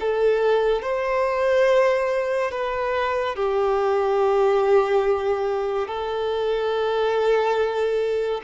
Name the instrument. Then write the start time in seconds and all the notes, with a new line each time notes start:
violin
0.00 A4
0.82 C5
2.52 B4
3.36 G4
5.88 A4